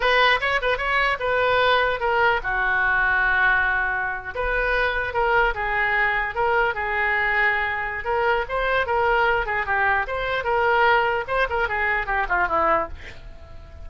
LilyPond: \new Staff \with { instrumentName = "oboe" } { \time 4/4 \tempo 4 = 149 b'4 cis''8 b'8 cis''4 b'4~ | b'4 ais'4 fis'2~ | fis'2~ fis'8. b'4~ b'16~ | b'8. ais'4 gis'2 ais'16~ |
ais'8. gis'2.~ gis'16 | ais'4 c''4 ais'4. gis'8 | g'4 c''4 ais'2 | c''8 ais'8 gis'4 g'8 f'8 e'4 | }